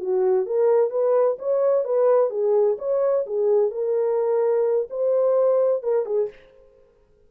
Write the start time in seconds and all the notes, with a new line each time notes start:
0.00 F#4
0.46 A#4
0.91 B4
1.39 C#5
1.85 B4
2.30 G#4
2.79 C#5
3.27 G#4
3.71 A#4
4.90 C5
5.83 A#4
6.06 G#4